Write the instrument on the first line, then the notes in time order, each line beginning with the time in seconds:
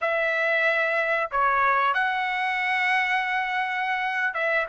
trumpet
0.01 E5
1.31 C#5
1.94 F#5
4.34 E5